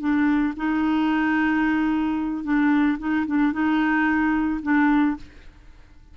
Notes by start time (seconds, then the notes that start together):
0.00 D4
0.57 D#4
2.44 D4
2.99 D#4
3.27 D4
3.53 D#4
4.63 D4